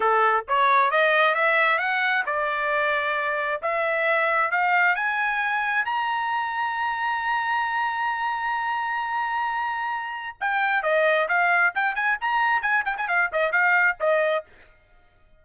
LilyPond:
\new Staff \with { instrumentName = "trumpet" } { \time 4/4 \tempo 4 = 133 a'4 cis''4 dis''4 e''4 | fis''4 d''2. | e''2 f''4 gis''4~ | gis''4 ais''2.~ |
ais''1~ | ais''2. g''4 | dis''4 f''4 g''8 gis''8 ais''4 | gis''8 g''16 gis''16 f''8 dis''8 f''4 dis''4 | }